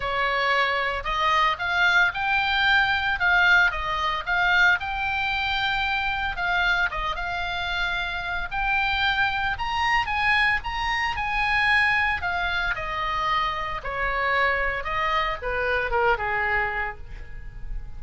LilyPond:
\new Staff \with { instrumentName = "oboe" } { \time 4/4 \tempo 4 = 113 cis''2 dis''4 f''4 | g''2 f''4 dis''4 | f''4 g''2. | f''4 dis''8 f''2~ f''8 |
g''2 ais''4 gis''4 | ais''4 gis''2 f''4 | dis''2 cis''2 | dis''4 b'4 ais'8 gis'4. | }